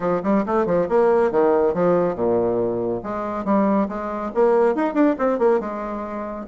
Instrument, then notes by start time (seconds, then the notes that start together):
bassoon
0.00 F3
0.23 G3
0.46 A3
0.66 F3
0.88 A#3
1.31 D#3
1.74 F3
2.15 A#2
3.03 G#3
3.44 G3
3.88 G#3
4.34 A#3
4.75 D#4
4.94 D4
5.18 C4
5.38 A#3
5.60 G#3